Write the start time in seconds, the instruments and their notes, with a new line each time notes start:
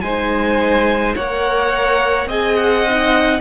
0.00 cello G#3, viola D#4, violin C5 G#5
1.15 cello A#3, viola A#4, violin C#5 F#5
2.26 cello C4, viola G#4, violin D#5 G#5
2.56 violin F#5
2.88 viola D#4